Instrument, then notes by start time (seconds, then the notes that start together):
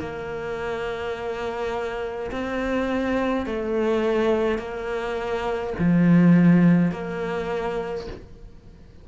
cello
0.00 A#3
2.31 C4
3.46 A3
4.58 A#3
5.79 F3
6.91 A#3